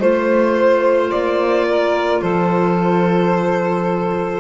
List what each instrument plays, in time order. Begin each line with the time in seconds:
0.00 double bass A3, clarinet F4, saxophone C5, violin C5
1.11 double bass A#3, violin D5
1.69 saxophone A#4
2.22 double bass F3, saxophone A4, violin C5